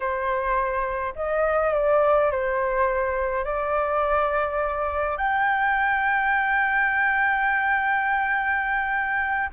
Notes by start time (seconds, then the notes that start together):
0.00 C5
1.15 D#5
1.73 D5
2.31 C5
3.44 D5
5.17 G5